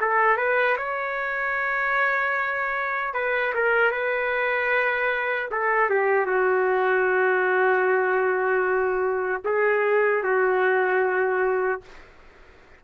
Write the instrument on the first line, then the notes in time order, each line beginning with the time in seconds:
trumpet
0.00 A4
0.37 B4
0.77 C#5
3.14 B4
3.55 A#4
3.91 B4
5.51 A4
5.89 G4
6.26 F#4
9.44 G#4
10.23 F#4